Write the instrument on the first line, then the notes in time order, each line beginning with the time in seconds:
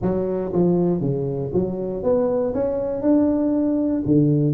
tuba
0.02 F#3
0.52 F3
1.00 C#3
1.53 F#3
2.03 B3
2.53 C#4
3.01 D4
4.05 D3